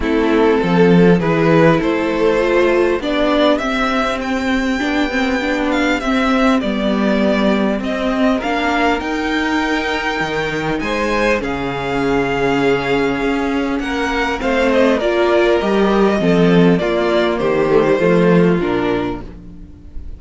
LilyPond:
<<
  \new Staff \with { instrumentName = "violin" } { \time 4/4 \tempo 4 = 100 a'2 b'4 c''4~ | c''4 d''4 e''4 g''4~ | g''4. f''8 e''4 d''4~ | d''4 dis''4 f''4 g''4~ |
g''2 gis''4 f''4~ | f''2. fis''4 | f''8 dis''8 d''4 dis''2 | d''4 c''2 ais'4 | }
  \new Staff \with { instrumentName = "violin" } { \time 4/4 e'4 a'4 gis'4 a'4~ | a'4 g'2.~ | g'1~ | g'2 ais'2~ |
ais'2 c''4 gis'4~ | gis'2. ais'4 | c''4 ais'2 a'4 | f'4 g'4 f'2 | }
  \new Staff \with { instrumentName = "viola" } { \time 4/4 c'2 e'2 | f'4 d'4 c'2 | d'8 c'8 d'4 c'4 b4~ | b4 c'4 d'4 dis'4~ |
dis'2. cis'4~ | cis'1 | c'4 f'4 g'4 c'4 | ais4. a16 g16 a4 d'4 | }
  \new Staff \with { instrumentName = "cello" } { \time 4/4 a4 f4 e4 a4~ | a4 b4 c'2 | b2 c'4 g4~ | g4 c'4 ais4 dis'4~ |
dis'4 dis4 gis4 cis4~ | cis2 cis'4 ais4 | a4 ais4 g4 f4 | ais4 dis4 f4 ais,4 | }
>>